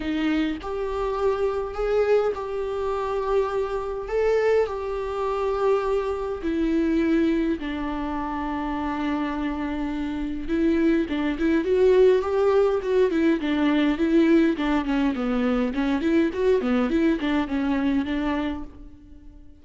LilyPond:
\new Staff \with { instrumentName = "viola" } { \time 4/4 \tempo 4 = 103 dis'4 g'2 gis'4 | g'2. a'4 | g'2. e'4~ | e'4 d'2.~ |
d'2 e'4 d'8 e'8 | fis'4 g'4 fis'8 e'8 d'4 | e'4 d'8 cis'8 b4 cis'8 e'8 | fis'8 b8 e'8 d'8 cis'4 d'4 | }